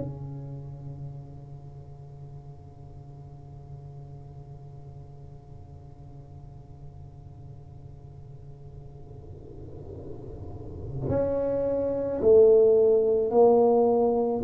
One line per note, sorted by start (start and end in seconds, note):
0.00 11.09 C#3
11.09 12.20 C#4
12.21 13.31 A3
13.31 14.42 A#3